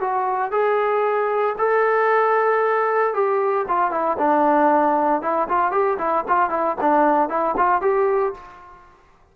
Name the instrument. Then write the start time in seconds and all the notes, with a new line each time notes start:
trombone
0.00 F#4
0.51 G#4
1.58 A4
3.14 G4
3.68 F4
3.91 E4
4.18 D4
5.22 E4
5.48 F4
5.71 G4
5.98 E4
6.28 F4
6.50 E4
6.81 D4
7.29 E4
7.57 F4
7.81 G4